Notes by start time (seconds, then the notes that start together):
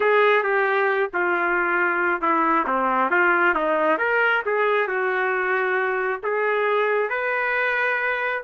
0.00 G#4
0.43 G4
1.13 F4
2.21 E4
2.66 C4
3.10 F4
3.54 D#4
3.98 A#4
4.45 G#4
4.87 F#4
6.23 G#4
7.09 B4